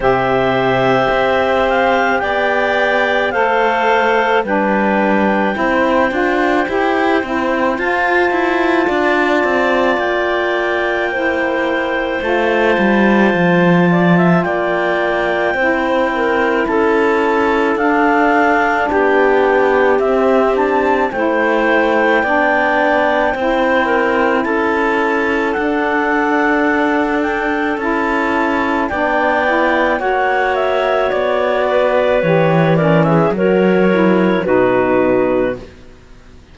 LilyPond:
<<
  \new Staff \with { instrumentName = "clarinet" } { \time 4/4 \tempo 4 = 54 e''4. f''8 g''4 f''4 | g''2. a''4~ | a''4 g''2 a''4~ | a''4 g''2 a''4 |
f''4 g''4 e''8 a''8 g''4~ | g''2 a''4 fis''4~ | fis''8 g''8 a''4 g''4 fis''8 e''8 | d''4 cis''8 d''16 e''16 cis''4 b'4 | }
  \new Staff \with { instrumentName = "clarinet" } { \time 4/4 c''2 d''4 c''4 | b'4 c''2. | d''2 c''2~ | c''8 d''16 e''16 d''4 c''8 ais'8 a'4~ |
a'4 g'2 c''4 | d''4 c''8 ais'8 a'2~ | a'2 d''4 cis''4~ | cis''8 b'4 ais'16 gis'16 ais'4 fis'4 | }
  \new Staff \with { instrumentName = "saxophone" } { \time 4/4 g'2. a'4 | d'4 e'8 f'8 g'8 e'8 f'4~ | f'2 e'4 f'4~ | f'2 e'2 |
d'2 c'8 d'8 e'4 | d'4 e'2 d'4~ | d'4 e'4 d'8 e'8 fis'4~ | fis'4 g'8 cis'8 fis'8 e'8 dis'4 | }
  \new Staff \with { instrumentName = "cello" } { \time 4/4 c4 c'4 b4 a4 | g4 c'8 d'8 e'8 c'8 f'8 e'8 | d'8 c'8 ais2 a8 g8 | f4 ais4 c'4 cis'4 |
d'4 b4 c'4 a4 | b4 c'4 cis'4 d'4~ | d'4 cis'4 b4 ais4 | b4 e4 fis4 b,4 | }
>>